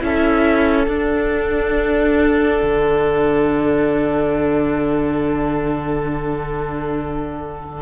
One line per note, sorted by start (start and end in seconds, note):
0.00 0.88 C#4
0.00 0.87 E4
0.00 7.83 A4
0.00 0.88 E5
0.88 2.62 D4
0.88 7.83 D4
0.88 7.83 F#5
2.63 7.83 D3